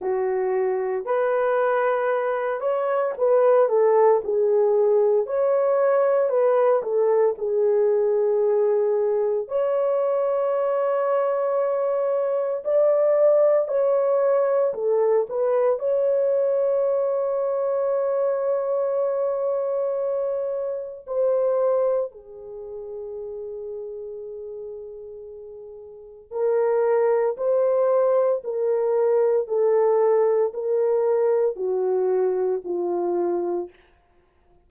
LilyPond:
\new Staff \with { instrumentName = "horn" } { \time 4/4 \tempo 4 = 57 fis'4 b'4. cis''8 b'8 a'8 | gis'4 cis''4 b'8 a'8 gis'4~ | gis'4 cis''2. | d''4 cis''4 a'8 b'8 cis''4~ |
cis''1 | c''4 gis'2.~ | gis'4 ais'4 c''4 ais'4 | a'4 ais'4 fis'4 f'4 | }